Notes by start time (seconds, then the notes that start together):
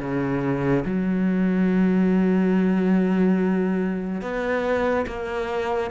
0.00 C#3
0.85 F#3
4.22 B3
5.07 A#3